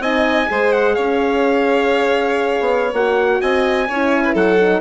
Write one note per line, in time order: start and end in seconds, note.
0.00 0.47 C4
0.00 0.47 D#4
0.00 0.49 D#5
0.00 0.73 G#5
0.47 0.98 G#3
0.47 2.93 G#4
0.47 0.95 C5
0.73 0.95 F#5
0.95 2.61 C#4
0.95 3.41 C#5
0.95 2.94 F5
2.61 2.93 B3
2.93 3.40 A#3
2.93 3.89 F#4
2.93 3.42 F#5
3.41 3.89 C4
3.41 3.88 D#5
3.41 4.35 G#5
3.88 4.35 C#4
3.88 4.60 E4
3.88 4.24 C#5
4.24 4.34 B4
4.34 4.81 F#3
4.34 4.81 A4
4.34 4.81 F#5
4.60 4.81 D#4